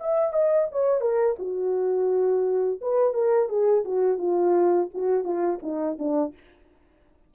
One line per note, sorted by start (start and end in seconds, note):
0.00 0.33 E5
0.33 0.68 D#5
0.72 1.01 C#5
1.01 1.36 A#4
1.39 2.80 F#4
2.81 3.14 B4
3.14 3.49 A#4
3.49 3.84 G#4
3.85 4.18 F#4
4.18 4.89 F4
4.94 5.24 F#4
5.24 5.60 F4
5.62 5.98 D#4
5.99 6.34 D4